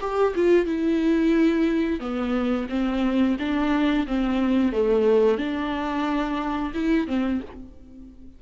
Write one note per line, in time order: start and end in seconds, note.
0.00 0.34 G4
0.35 0.65 F4
0.65 1.99 E4
1.99 2.67 B3
2.69 3.36 C4
3.39 4.06 D4
4.06 4.72 C4
4.72 5.37 A3
5.37 6.72 D4
6.74 7.07 E4
7.07 7.40 C4